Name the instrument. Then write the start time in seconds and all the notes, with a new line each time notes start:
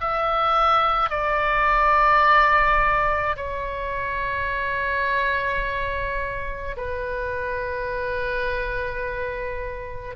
oboe
0.00 E5
1.10 D5
3.37 C#5
6.77 B4